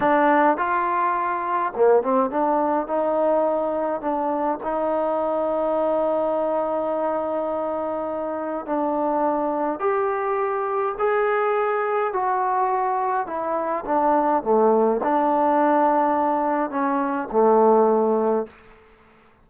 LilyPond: \new Staff \with { instrumentName = "trombone" } { \time 4/4 \tempo 4 = 104 d'4 f'2 ais8 c'8 | d'4 dis'2 d'4 | dis'1~ | dis'2. d'4~ |
d'4 g'2 gis'4~ | gis'4 fis'2 e'4 | d'4 a4 d'2~ | d'4 cis'4 a2 | }